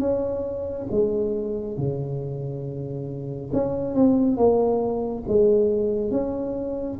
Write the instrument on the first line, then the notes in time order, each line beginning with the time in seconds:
tuba
0.00 C#4
0.91 G#3
1.77 C#3
3.53 C#4
3.94 C4
4.37 A#3
5.28 G#3
6.11 C#4